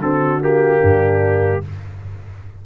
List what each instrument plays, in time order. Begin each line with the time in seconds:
0.00 tuba D3, trombone C4, horn F#4, trumpet A4
0.41 trombone A#3, trumpet G4
0.81 tuba G2, horn D4